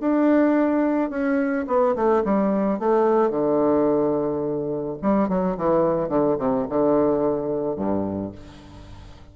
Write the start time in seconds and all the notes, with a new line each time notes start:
0.00 D4
1.10 C#4
1.67 B3
1.95 A3
2.24 G3
2.79 A3
3.30 D3
5.02 G3
5.29 F#3
5.57 E3
6.09 D3
6.38 C3
6.69 D3
7.76 G2